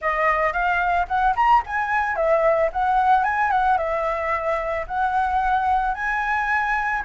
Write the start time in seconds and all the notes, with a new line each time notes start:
0.01 D#5
0.52 F5
1.07 F#5
1.36 A#5
1.65 G#5
2.15 E5
2.72 F#5
3.24 G#5
3.51 F#5
3.77 E5
4.87 F#5
5.94 G#5